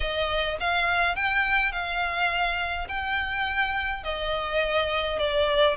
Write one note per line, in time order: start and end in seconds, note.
0.00 0.57 D#5
0.60 1.15 F5
1.15 1.72 G5
1.72 2.87 F5
2.88 4.03 G5
4.03 5.18 D#5
5.18 5.76 D5